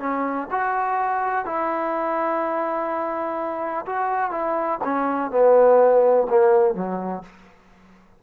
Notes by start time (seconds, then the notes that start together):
0.00 C#4
0.51 F#4
1.46 E4
3.86 F#4
4.32 E4
4.84 C#4
5.31 B3
6.30 A#3
6.75 F#3